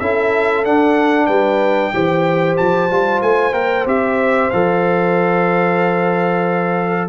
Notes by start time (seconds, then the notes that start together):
0.00 C#4 E4 A4 E5
0.64 D4 F#5
1.26 G3 B4 G5
1.93 E3 G4 C5
2.57 F3 A5
2.90 G3 F4
3.22 A3 G#5
3.52 A#3 A#4 G5
3.85 C4 G4 E5
4.50 F3 A4 F5